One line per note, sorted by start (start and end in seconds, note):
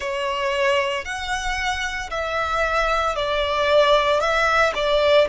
0.00 1.04 C#5
1.04 2.10 F#5
2.10 3.15 E5
3.15 4.20 D5
4.20 4.73 E5
4.75 5.27 D5